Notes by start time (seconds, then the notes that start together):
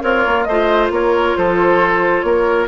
0.00 C4 F4 A#4 C#5
0.26 A#3
0.43 A3 C5 D#5
0.50 F4
0.90 A#3 A#4 C#5
1.36 F3 A4 C5
2.21 A#3 A#4 C#5